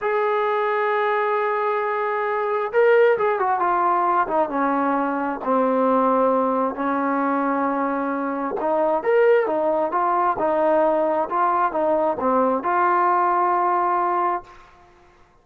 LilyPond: \new Staff \with { instrumentName = "trombone" } { \time 4/4 \tempo 4 = 133 gis'1~ | gis'2 ais'4 gis'8 fis'8 | f'4. dis'8 cis'2 | c'2. cis'4~ |
cis'2. dis'4 | ais'4 dis'4 f'4 dis'4~ | dis'4 f'4 dis'4 c'4 | f'1 | }